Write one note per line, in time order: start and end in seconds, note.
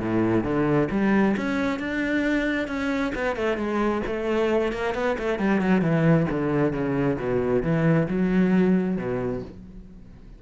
0.00 0.44 A2
0.44 0.88 D3
0.91 1.36 G3
1.37 1.80 C#4
1.80 2.68 D4
2.68 3.13 C#4
3.15 3.36 B3
3.36 3.57 A3
3.57 4.02 G#3
4.06 4.72 A3
4.72 4.94 A#3
4.94 5.17 B3
5.19 5.39 A3
5.39 5.61 G3
5.61 5.81 F#3
5.81 6.26 E3
6.30 6.73 D3
6.73 7.18 C#3
7.19 7.63 B2
7.63 8.08 E3
8.08 8.97 F#3
8.97 9.42 B2